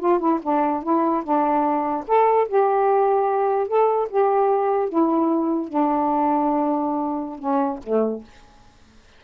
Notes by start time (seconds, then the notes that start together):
0.00 F4
0.20 E4
0.43 D4
0.83 E4
1.24 D4
2.07 A4
2.48 G4
3.68 A4
4.10 G4
4.89 E4
5.68 D4
7.39 C#4
7.84 A3